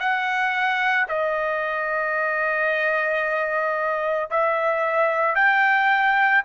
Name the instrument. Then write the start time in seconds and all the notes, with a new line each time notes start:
trumpet
0.00 F#5
1.09 D#5
4.31 E5
5.36 G5